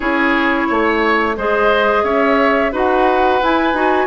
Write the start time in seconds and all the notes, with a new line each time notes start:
0.00 C#4 E4 G#4 C#5
0.68 A3 C#5
1.37 G#3 G#4 C5 D#5
2.03 C#4 C#5 E5
2.72 D#4 F#4 B4 F#5
3.41 E4 G#5
3.73 D#4 F#4